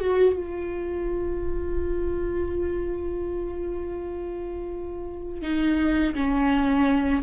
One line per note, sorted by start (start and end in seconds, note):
0.00 0.36 F#4
0.36 5.42 F4
5.42 6.14 D#4
6.14 7.23 C#4